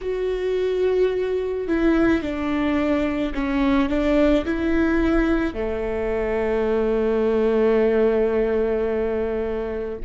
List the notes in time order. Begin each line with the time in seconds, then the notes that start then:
0.01 F#4
1.67 E4
2.22 D4
3.33 C#4
3.89 D4
4.45 E4
5.54 A3